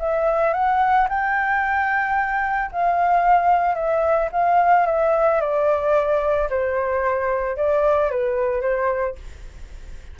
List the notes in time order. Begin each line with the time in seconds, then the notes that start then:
0.00 E5
0.54 F#5
1.10 G5
2.72 F5
3.76 E5
4.32 F5
4.87 E5
5.41 D5
6.51 C5
7.57 D5
8.11 B4
8.62 C5